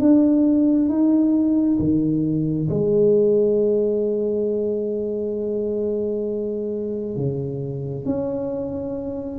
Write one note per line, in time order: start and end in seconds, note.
0.00 0.89 D4
0.89 1.79 D#4
1.79 2.69 D#3
2.70 7.16 G#3
7.16 8.06 C#3
8.06 9.39 C#4